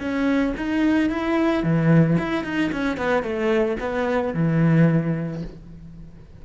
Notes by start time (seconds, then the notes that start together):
0.00 C#4
0.57 D#4
1.09 E4
1.63 E3
2.18 E4
2.44 D#4
2.72 C#4
2.97 B3
3.23 A3
3.80 B3
4.34 E3